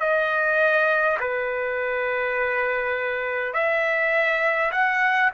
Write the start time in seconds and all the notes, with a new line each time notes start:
0.00 D#5
1.20 B4
3.53 E5
4.72 F#5